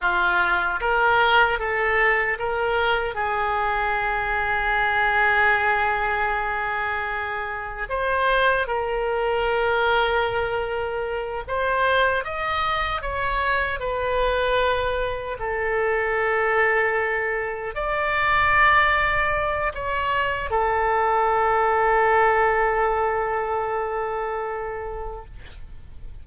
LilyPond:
\new Staff \with { instrumentName = "oboe" } { \time 4/4 \tempo 4 = 76 f'4 ais'4 a'4 ais'4 | gis'1~ | gis'2 c''4 ais'4~ | ais'2~ ais'8 c''4 dis''8~ |
dis''8 cis''4 b'2 a'8~ | a'2~ a'8 d''4.~ | d''4 cis''4 a'2~ | a'1 | }